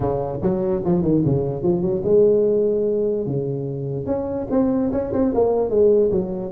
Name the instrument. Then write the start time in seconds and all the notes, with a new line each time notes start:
tuba
0.00 C#3
0.41 F#3
0.85 F3
1.01 D#3
1.25 C#3
1.63 F3
1.81 F#3
2.03 G#3
3.26 C#3
4.06 C#4
4.50 C4
4.91 C#4
5.12 C4
5.34 A#3
5.70 G#3
6.11 F#3